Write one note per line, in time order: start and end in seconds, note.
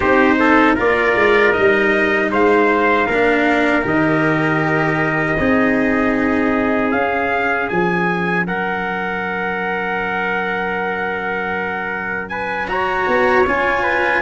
0.00 0.78 C4
0.00 0.76 D#4
0.00 0.35 G4
0.00 0.75 C5
0.39 0.74 A4
0.74 1.15 A#3
0.74 1.53 F4
0.74 2.28 A#4
0.74 1.53 D5
1.15 1.54 G#3
1.53 2.32 G3
1.53 3.06 D#4
1.53 2.29 D#5
2.31 3.06 G#3
2.31 3.07 C5
2.31 3.87 F5
3.06 3.83 A#3
3.06 3.82 D4
3.06 5.37 A#4
3.82 5.38 D#3
3.82 5.35 G4
3.82 6.91 D#5
5.39 6.92 C4
5.39 6.92 D#4
5.39 8.46 G#4
6.91 7.69 C#4
6.91 12.67 C#4
6.91 7.68 F5
7.69 8.47 F3
7.69 8.46 G#5
8.47 13.07 F#3
8.47 12.31 A#4
8.47 12.28 F#5
12.28 12.69 B4
12.28 12.67 G#5
12.67 13.44 F#4
12.67 13.82 C#5
12.67 13.46 A#5
13.07 13.45 B3
13.46 14.21 C#4
13.46 14.21 F4
13.46 14.21 G#5
13.82 14.21 B4